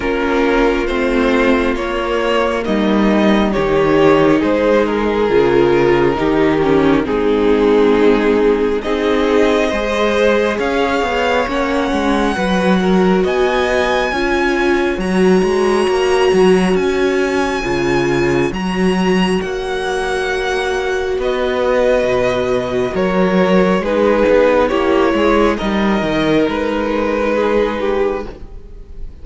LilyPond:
<<
  \new Staff \with { instrumentName = "violin" } { \time 4/4 \tempo 4 = 68 ais'4 c''4 cis''4 dis''4 | cis''4 c''8 ais'2~ ais'8 | gis'2 dis''2 | f''4 fis''2 gis''4~ |
gis''4 ais''2 gis''4~ | gis''4 ais''4 fis''2 | dis''2 cis''4 b'4 | cis''4 dis''4 b'2 | }
  \new Staff \with { instrumentName = "violin" } { \time 4/4 f'2. dis'4 | g'4 gis'2 g'4 | dis'2 gis'4 c''4 | cis''2 b'8 ais'8 dis''4 |
cis''1~ | cis''1 | b'2 ais'4 gis'4 | g'8 gis'8 ais'2 gis'8 g'8 | }
  \new Staff \with { instrumentName = "viola" } { \time 4/4 cis'4 c'4 ais2 | dis'2 f'4 dis'8 cis'8 | c'2 dis'4 gis'4~ | gis'4 cis'4 fis'2 |
f'4 fis'2. | f'4 fis'2.~ | fis'2. dis'4 | e'4 dis'2. | }
  \new Staff \with { instrumentName = "cello" } { \time 4/4 ais4 a4 ais4 g4 | dis4 gis4 cis4 dis4 | gis2 c'4 gis4 | cis'8 b8 ais8 gis8 fis4 b4 |
cis'4 fis8 gis8 ais8 fis8 cis'4 | cis4 fis4 ais2 | b4 b,4 fis4 gis8 b8 | ais8 gis8 g8 dis8 gis2 | }
>>